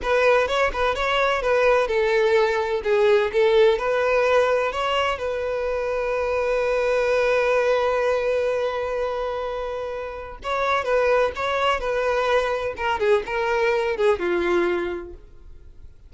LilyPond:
\new Staff \with { instrumentName = "violin" } { \time 4/4 \tempo 4 = 127 b'4 cis''8 b'8 cis''4 b'4 | a'2 gis'4 a'4 | b'2 cis''4 b'4~ | b'1~ |
b'1~ | b'2 cis''4 b'4 | cis''4 b'2 ais'8 gis'8 | ais'4. gis'8 f'2 | }